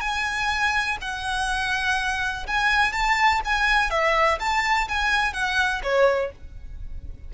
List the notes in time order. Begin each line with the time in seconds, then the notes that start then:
0.00 G#5
1.01 F#5
2.47 G#5
2.92 A5
3.45 G#5
3.90 E5
4.39 A5
4.88 G#5
5.33 F#5
5.83 C#5